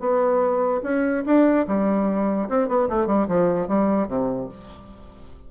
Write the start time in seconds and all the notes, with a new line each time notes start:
0.00 B3
0.83 C#4
1.26 D4
1.68 G3
2.49 C4
2.68 B3
2.89 A3
3.07 G3
3.28 F3
3.68 G3
4.08 C3